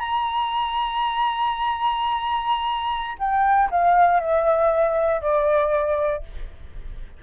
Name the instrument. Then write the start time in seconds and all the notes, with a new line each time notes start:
flute
0.00 A#5
3.19 G5
3.71 F5
4.20 E5
5.22 D5